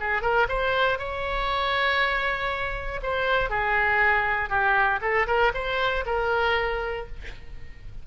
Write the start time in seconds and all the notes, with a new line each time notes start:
0.00 G#4
0.22 A#4
0.49 C5
0.99 C#5
3.03 C5
3.50 G#4
4.49 G4
5.01 A4
5.27 A#4
5.54 C5
6.06 A#4